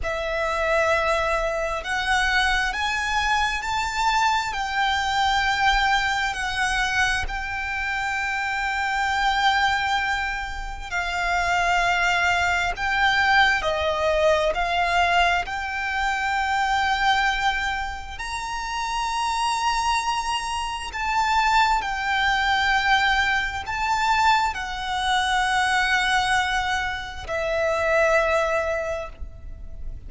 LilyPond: \new Staff \with { instrumentName = "violin" } { \time 4/4 \tempo 4 = 66 e''2 fis''4 gis''4 | a''4 g''2 fis''4 | g''1 | f''2 g''4 dis''4 |
f''4 g''2. | ais''2. a''4 | g''2 a''4 fis''4~ | fis''2 e''2 | }